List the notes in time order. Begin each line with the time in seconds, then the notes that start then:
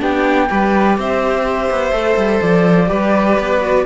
0.00 B3 D4 G4 G5
0.49 G3 G4 B4
0.98 C4 C5 E5
1.70 B3
1.92 A3 A4
2.17 G3
2.41 F3 D5
2.86 G3 G4 B4
3.39 B3
3.61 F#4